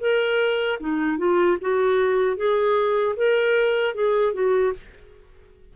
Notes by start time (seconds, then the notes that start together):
0.00 A#4
0.80 D#4
1.18 F4
1.61 F#4
2.36 G#4
3.16 A#4
3.95 G#4
4.33 F#4